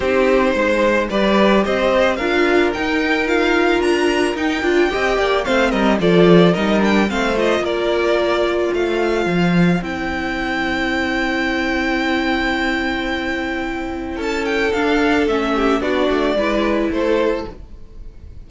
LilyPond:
<<
  \new Staff \with { instrumentName = "violin" } { \time 4/4 \tempo 4 = 110 c''2 d''4 dis''4 | f''4 g''4 f''4 ais''4 | g''2 f''8 dis''8 d''4 | dis''8 g''8 f''8 dis''8 d''2 |
f''2 g''2~ | g''1~ | g''2 a''8 g''8 f''4 | e''4 d''2 c''4 | }
  \new Staff \with { instrumentName = "violin" } { \time 4/4 g'4 c''4 b'4 c''4 | ais'1~ | ais'4 dis''8 d''8 c''8 ais'8 a'4 | ais'4 c''4 ais'2 |
c''1~ | c''1~ | c''2 a'2~ | a'8 g'8 fis'4 b'4 a'4 | }
  \new Staff \with { instrumentName = "viola" } { \time 4/4 dis'2 g'2 | f'4 dis'4 f'2 | dis'8 f'8 g'4 c'4 f'4 | dis'8 d'8 c'8 f'2~ f'8~ |
f'2 e'2~ | e'1~ | e'2. d'4 | cis'4 d'4 e'2 | }
  \new Staff \with { instrumentName = "cello" } { \time 4/4 c'4 gis4 g4 c'4 | d'4 dis'2 d'4 | dis'8 d'8 c'8 ais8 a8 g8 f4 | g4 a4 ais2 |
a4 f4 c'2~ | c'1~ | c'2 cis'4 d'4 | a4 b8 a8 gis4 a4 | }
>>